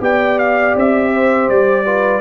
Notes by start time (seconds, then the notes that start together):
0.00 B3 G4 D5 G5
0.38 F5
0.76 C4 E5
1.13 C5
1.48 G3 D5
1.85 F4 B4